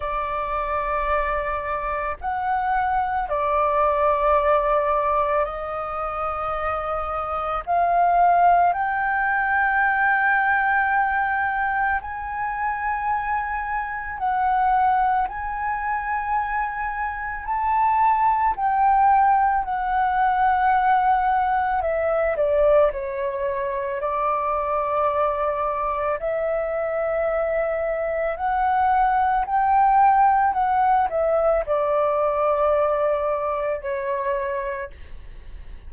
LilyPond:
\new Staff \with { instrumentName = "flute" } { \time 4/4 \tempo 4 = 55 d''2 fis''4 d''4~ | d''4 dis''2 f''4 | g''2. gis''4~ | gis''4 fis''4 gis''2 |
a''4 g''4 fis''2 | e''8 d''8 cis''4 d''2 | e''2 fis''4 g''4 | fis''8 e''8 d''2 cis''4 | }